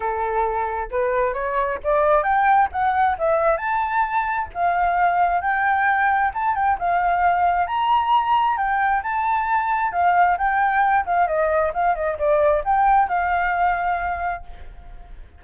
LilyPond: \new Staff \with { instrumentName = "flute" } { \time 4/4 \tempo 4 = 133 a'2 b'4 cis''4 | d''4 g''4 fis''4 e''4 | a''2 f''2 | g''2 a''8 g''8 f''4~ |
f''4 ais''2 g''4 | a''2 f''4 g''4~ | g''8 f''8 dis''4 f''8 dis''8 d''4 | g''4 f''2. | }